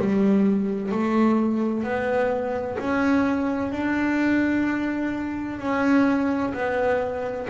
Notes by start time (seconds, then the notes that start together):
0.00 G3
0.92 A3
1.84 B3
2.79 C#4
3.72 D4
5.60 C#4
6.54 B3